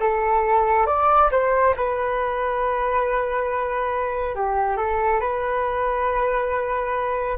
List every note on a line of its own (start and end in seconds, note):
0.00 0.87 A4
0.87 1.30 D5
1.31 1.75 C5
1.77 4.35 B4
4.35 4.77 G4
4.77 5.21 A4
5.21 7.38 B4